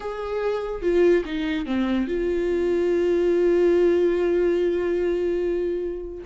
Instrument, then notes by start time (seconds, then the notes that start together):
viola
0.00 G#4
0.81 F4
1.25 D#4
1.66 C4
2.07 F4